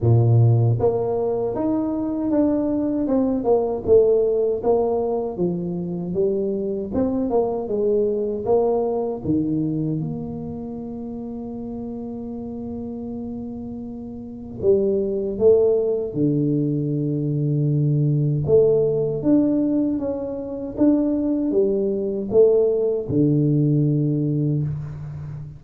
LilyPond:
\new Staff \with { instrumentName = "tuba" } { \time 4/4 \tempo 4 = 78 ais,4 ais4 dis'4 d'4 | c'8 ais8 a4 ais4 f4 | g4 c'8 ais8 gis4 ais4 | dis4 ais2.~ |
ais2. g4 | a4 d2. | a4 d'4 cis'4 d'4 | g4 a4 d2 | }